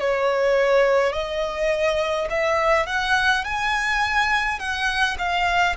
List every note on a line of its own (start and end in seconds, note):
0.00 1.13 C#5
1.13 2.29 D#5
2.30 2.87 E5
2.87 3.45 F#5
3.45 4.59 G#5
4.59 5.17 F#5
5.19 5.76 F5